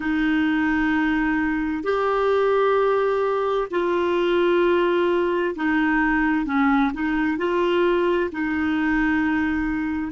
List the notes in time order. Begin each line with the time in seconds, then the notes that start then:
0.00 D#4
1.83 G4
3.70 F4
5.55 D#4
6.45 C#4
6.93 D#4
7.37 F4
8.32 D#4